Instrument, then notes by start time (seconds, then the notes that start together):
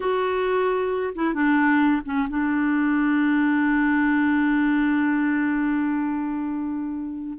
clarinet
0.00 F#4
1.15 E4
1.33 D4
2.05 C#4
2.29 D4